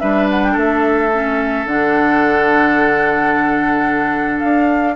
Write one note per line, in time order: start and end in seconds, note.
0.00 0.56 G3
0.00 1.12 D4
0.00 0.52 B4
0.00 0.28 E5
0.30 0.44 F#5
0.44 0.57 G5
0.52 1.66 A3
0.52 4.92 A4
0.52 1.67 E5
1.12 1.67 C#4
1.66 4.41 D3
1.66 4.96 D4
1.66 4.40 F#5
4.40 4.96 D4
4.40 4.95 F5